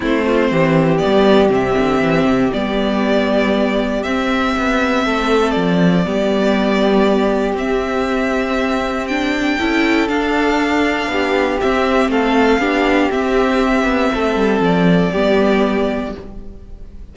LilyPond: <<
  \new Staff \with { instrumentName = "violin" } { \time 4/4 \tempo 4 = 119 c''2 d''4 e''4~ | e''4 d''2. | e''2. d''4~ | d''2. e''4~ |
e''2 g''2 | f''2. e''4 | f''2 e''2~ | e''4 d''2. | }
  \new Staff \with { instrumentName = "violin" } { \time 4/4 e'8 f'8 g'2.~ | g'1~ | g'2 a'2 | g'1~ |
g'2. a'4~ | a'2 g'2 | a'4 g'2. | a'2 g'2 | }
  \new Staff \with { instrumentName = "viola" } { \time 4/4 c'2 b4 c'4~ | c'4 b2. | c'1 | b2. c'4~ |
c'2 d'4 e'4 | d'2. c'4~ | c'4 d'4 c'2~ | c'2 b2 | }
  \new Staff \with { instrumentName = "cello" } { \time 4/4 a4 e4 g4 c8 d8 | e8 c8 g2. | c'4 b4 a4 f4 | g2. c'4~ |
c'2. cis'4 | d'2 b4 c'4 | a4 b4 c'4. b8 | a8 g8 f4 g2 | }
>>